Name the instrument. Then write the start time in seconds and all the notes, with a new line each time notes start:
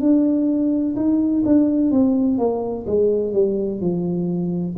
tuba
0.00 D4
0.96 D#4
1.45 D4
1.91 C4
2.38 A#3
2.87 G#3
3.33 G3
3.81 F3